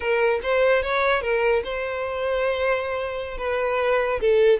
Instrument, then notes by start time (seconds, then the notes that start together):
violin
0.00 A#4
0.43 C5
0.82 C#5
1.21 A#4
1.64 C5
3.37 B4
4.20 A4